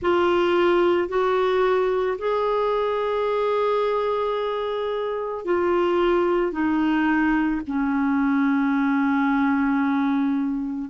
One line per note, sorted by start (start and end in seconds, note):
0.01 1.08 F4
1.08 2.17 F#4
2.18 5.44 G#4
5.44 6.52 F4
6.52 7.61 D#4
7.67 10.90 C#4